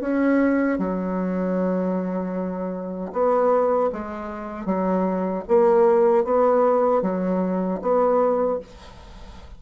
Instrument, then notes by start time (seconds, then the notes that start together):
bassoon
0.00 C#4
0.78 F#3
3.12 B3
3.92 G#3
4.65 F#3
5.48 A#3
6.24 B3
7.02 F#3
7.81 B3